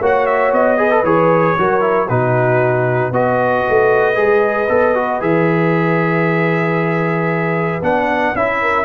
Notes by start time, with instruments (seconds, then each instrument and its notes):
0.00 tuba A#3, trombone F#4, horn C#5, trumpet F#5
0.26 trumpet E5
0.52 tuba B3, trumpet D#5
0.77 trombone G#4, horn B4
0.90 trombone A4
1.03 tuba E3, trombone G#4, trumpet C#5
1.58 tuba F#3, trombone F#4, horn A#4
1.80 trombone E4
2.08 tuba B2, trombone D#4, horn F#4, trumpet B4
3.11 tuba B3, trombone F#4, horn B4, trumpet D#5
3.69 tuba A3
4.15 tuba G#3, trombone G#4
4.69 tuba B3, trombone A4
4.94 trombone F#4
5.20 tuba E3, trombone G#4, trumpet E5
7.82 tuba B3, trombone D4, trumpet F#5
8.35 tuba C#4, trombone E4, trumpet E5
8.61 horn A#4